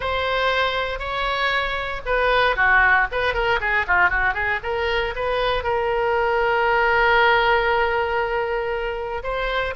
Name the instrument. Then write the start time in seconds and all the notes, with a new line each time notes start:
oboe
0.00 C5
0.99 C#5
2.05 B4
2.55 F#4
3.11 B4
3.34 A#4
3.60 G#4
3.87 F4
4.09 F#4
4.34 G#4
4.63 A#4
5.15 B4
5.63 A#4
9.23 C5